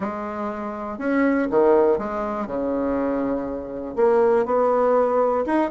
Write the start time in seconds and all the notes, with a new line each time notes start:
0.00 G#3
0.98 C#4
1.50 D#3
1.98 G#3
2.46 C#3
3.96 A#3
4.45 B3
5.45 D#4